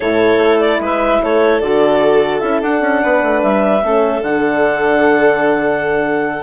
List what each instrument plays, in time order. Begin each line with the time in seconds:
0.00 bassoon A2, horn E4, violin A4, clarinet C#5
0.38 bassoon A3
0.60 clarinet D5
0.80 bassoon G#3, violin B4, clarinet E5
1.22 bassoon A3, violin A4, clarinet C#5
1.60 bassoon D3, horn F#4, clarinet D5
2.40 bassoon C#4, horn E4, clarinet E5
2.61 bassoon D4, horn D4, clarinet F#5
2.80 bassoon C#4
3.02 bassoon B3, violin B4
3.22 bassoon A3
3.42 bassoon G3, clarinet E5
3.83 bassoon A3, horn C#4, violin A4
4.21 bassoon D3, horn D4, clarinet F#5